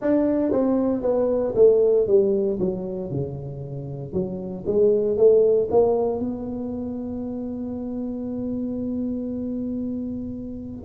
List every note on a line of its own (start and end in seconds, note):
0.00 0.51 D4
0.51 1.02 C4
1.02 1.53 B3
1.55 2.07 A3
2.07 2.59 G3
2.59 3.10 F#3
3.10 4.13 C#3
4.13 4.65 F#3
4.66 5.17 G#3
5.17 5.68 A3
5.70 6.19 A#3
6.19 10.85 B3